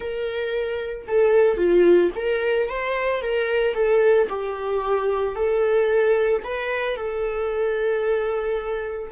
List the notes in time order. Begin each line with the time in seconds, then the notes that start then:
0.00 A#4
1.07 A4
1.57 F4
2.15 A#4
2.69 C5
3.21 A#4
3.74 A4
4.29 G4
5.35 A4
6.43 B4
6.96 A4